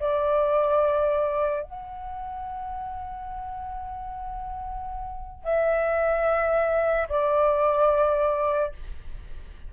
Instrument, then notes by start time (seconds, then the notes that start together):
flute
0.00 D5
1.64 F#5
5.44 E5
7.09 D5